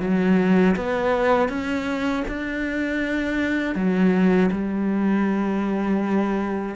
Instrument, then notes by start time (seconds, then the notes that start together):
cello
0.00 F#3
0.76 B3
1.48 C#4
2.28 D4
3.75 F#3
4.51 G3